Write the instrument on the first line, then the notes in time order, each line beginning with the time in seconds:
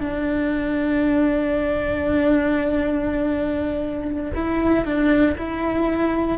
cello
0.00 D4
4.35 E4
4.84 D4
5.38 E4